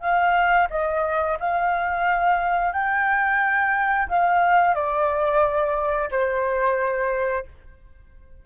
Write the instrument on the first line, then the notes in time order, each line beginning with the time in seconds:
flute
0.00 F5
0.70 D#5
1.39 F5
2.72 G5
4.08 F5
4.74 D5
6.10 C5